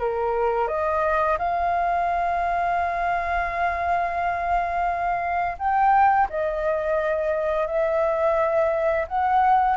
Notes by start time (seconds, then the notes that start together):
0.00 A#4
0.68 D#5
1.39 F5
5.58 G5
6.30 D#5
7.67 E5
9.08 F#5